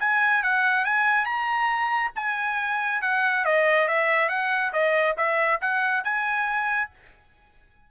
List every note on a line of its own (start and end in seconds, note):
0.00 0.43 G#5
0.43 0.85 F#5
0.85 1.25 G#5
1.25 2.12 A#5
2.16 3.02 G#5
3.02 3.45 F#5
3.45 3.88 D#5
3.88 4.29 E5
4.29 4.72 F#5
4.73 5.16 D#5
5.17 5.61 E5
5.61 6.04 F#5
6.04 6.90 G#5